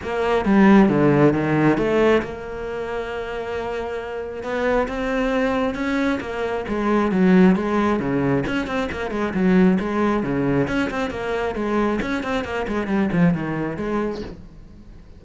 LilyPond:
\new Staff \with { instrumentName = "cello" } { \time 4/4 \tempo 4 = 135 ais4 g4 d4 dis4 | a4 ais2.~ | ais2 b4 c'4~ | c'4 cis'4 ais4 gis4 |
fis4 gis4 cis4 cis'8 c'8 | ais8 gis8 fis4 gis4 cis4 | cis'8 c'8 ais4 gis4 cis'8 c'8 | ais8 gis8 g8 f8 dis4 gis4 | }